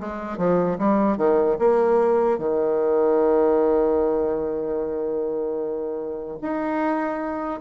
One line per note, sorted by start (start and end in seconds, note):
0.00 0.37 G#3
0.37 0.77 F3
0.78 1.17 G3
1.17 1.57 D#3
1.59 2.38 A#3
2.38 6.38 D#3
6.41 7.60 D#4